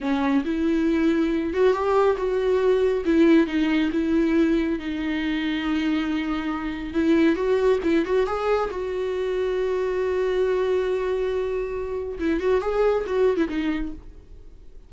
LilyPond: \new Staff \with { instrumentName = "viola" } { \time 4/4 \tempo 4 = 138 cis'4 e'2~ e'8 fis'8 | g'4 fis'2 e'4 | dis'4 e'2 dis'4~ | dis'1 |
e'4 fis'4 e'8 fis'8 gis'4 | fis'1~ | fis'1 | e'8 fis'8 gis'4 fis'8. e'16 dis'4 | }